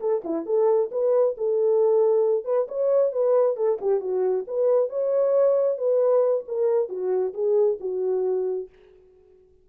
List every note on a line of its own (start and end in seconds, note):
0.00 0.22 A4
0.24 0.45 E4
0.45 0.90 A4
0.91 1.36 B4
1.37 2.45 A4
2.45 2.67 B4
2.68 3.12 C#5
3.12 3.56 B4
3.56 3.79 A4
3.81 4.01 G4
4.01 4.45 F#4
4.47 4.89 B4
4.89 5.78 C#5
5.78 6.44 B4
6.48 6.89 A#4
6.89 7.33 F#4
7.34 7.78 G#4
7.80 8.69 F#4